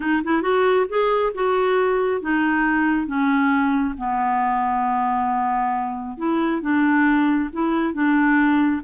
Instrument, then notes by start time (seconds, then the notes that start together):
clarinet
0.00 D#4
0.23 E4
0.42 F#4
0.88 G#4
1.34 F#4
2.21 D#4
3.06 C#4
3.97 B3
6.17 E4
6.61 D4
7.52 E4
7.93 D4